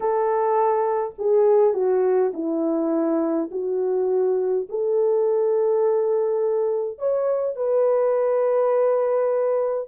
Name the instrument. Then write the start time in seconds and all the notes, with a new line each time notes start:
horn
0.00 A4
1.18 G#4
1.73 F#4
2.33 E4
3.51 F#4
4.69 A4
6.98 C#5
7.56 B4